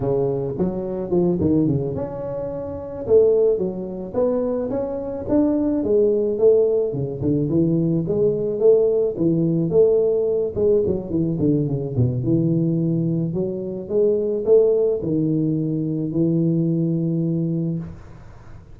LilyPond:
\new Staff \with { instrumentName = "tuba" } { \time 4/4 \tempo 4 = 108 cis4 fis4 f8 dis8 cis8 cis'8~ | cis'4. a4 fis4 b8~ | b8 cis'4 d'4 gis4 a8~ | a8 cis8 d8 e4 gis4 a8~ |
a8 e4 a4. gis8 fis8 | e8 d8 cis8 b,8 e2 | fis4 gis4 a4 dis4~ | dis4 e2. | }